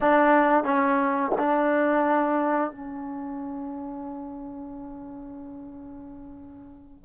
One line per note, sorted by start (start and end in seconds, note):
0.00 0.64 D4
0.64 1.31 C#4
1.38 2.71 D4
2.71 7.05 C#4